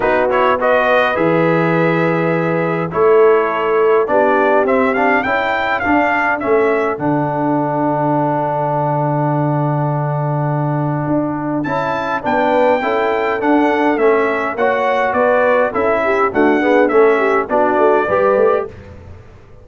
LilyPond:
<<
  \new Staff \with { instrumentName = "trumpet" } { \time 4/4 \tempo 4 = 103 b'8 cis''8 dis''4 e''2~ | e''4 cis''2 d''4 | e''8 f''8 g''4 f''4 e''4 | fis''1~ |
fis''1 | a''4 g''2 fis''4 | e''4 fis''4 d''4 e''4 | fis''4 e''4 d''2 | }
  \new Staff \with { instrumentName = "horn" } { \time 4/4 fis'4 b'2.~ | b'4 a'2 g'4~ | g'4 a'2.~ | a'1~ |
a'1~ | a'4 b'4 a'2~ | a'4 cis''4 b'4 a'8 g'8 | fis'8 gis'8 a'8 g'8 fis'4 b'4 | }
  \new Staff \with { instrumentName = "trombone" } { \time 4/4 dis'8 e'8 fis'4 gis'2~ | gis'4 e'2 d'4 | c'8 d'8 e'4 d'4 cis'4 | d'1~ |
d'1 | e'4 d'4 e'4 d'4 | cis'4 fis'2 e'4 | a8 b8 cis'4 d'4 g'4 | }
  \new Staff \with { instrumentName = "tuba" } { \time 4/4 b2 e2~ | e4 a2 b4 | c'4 cis'4 d'4 a4 | d1~ |
d2. d'4 | cis'4 b4 cis'4 d'4 | a4 ais4 b4 cis'4 | d'4 a4 b8 a8 g8 a8 | }
>>